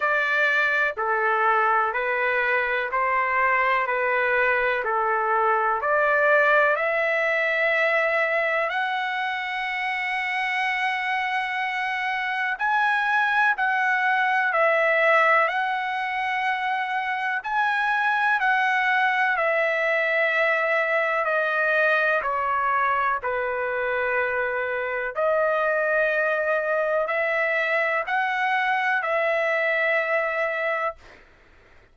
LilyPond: \new Staff \with { instrumentName = "trumpet" } { \time 4/4 \tempo 4 = 62 d''4 a'4 b'4 c''4 | b'4 a'4 d''4 e''4~ | e''4 fis''2.~ | fis''4 gis''4 fis''4 e''4 |
fis''2 gis''4 fis''4 | e''2 dis''4 cis''4 | b'2 dis''2 | e''4 fis''4 e''2 | }